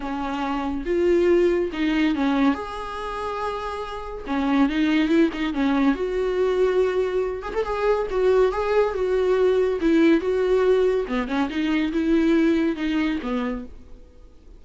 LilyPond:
\new Staff \with { instrumentName = "viola" } { \time 4/4 \tempo 4 = 141 cis'2 f'2 | dis'4 cis'4 gis'2~ | gis'2 cis'4 dis'4 | e'8 dis'8 cis'4 fis'2~ |
fis'4. gis'16 a'16 gis'4 fis'4 | gis'4 fis'2 e'4 | fis'2 b8 cis'8 dis'4 | e'2 dis'4 b4 | }